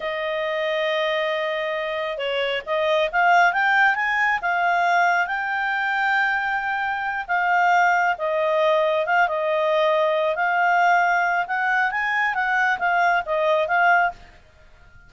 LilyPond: \new Staff \with { instrumentName = "clarinet" } { \time 4/4 \tempo 4 = 136 dis''1~ | dis''4 cis''4 dis''4 f''4 | g''4 gis''4 f''2 | g''1~ |
g''8 f''2 dis''4.~ | dis''8 f''8 dis''2~ dis''8 f''8~ | f''2 fis''4 gis''4 | fis''4 f''4 dis''4 f''4 | }